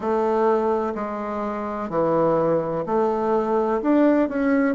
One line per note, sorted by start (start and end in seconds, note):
0.00 0.93 A3
0.94 1.89 G#3
1.89 2.84 E3
2.86 3.81 A3
3.81 4.29 D4
4.29 4.74 C#4